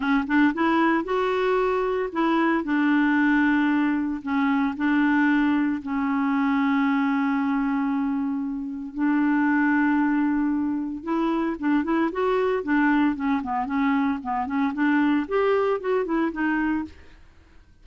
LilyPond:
\new Staff \with { instrumentName = "clarinet" } { \time 4/4 \tempo 4 = 114 cis'8 d'8 e'4 fis'2 | e'4 d'2. | cis'4 d'2 cis'4~ | cis'1~ |
cis'4 d'2.~ | d'4 e'4 d'8 e'8 fis'4 | d'4 cis'8 b8 cis'4 b8 cis'8 | d'4 g'4 fis'8 e'8 dis'4 | }